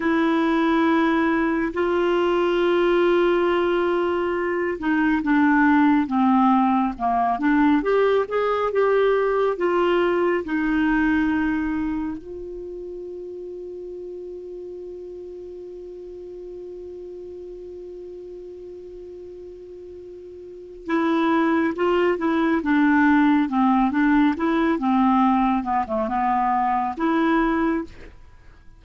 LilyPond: \new Staff \with { instrumentName = "clarinet" } { \time 4/4 \tempo 4 = 69 e'2 f'2~ | f'4. dis'8 d'4 c'4 | ais8 d'8 g'8 gis'8 g'4 f'4 | dis'2 f'2~ |
f'1~ | f'1 | e'4 f'8 e'8 d'4 c'8 d'8 | e'8 c'4 b16 a16 b4 e'4 | }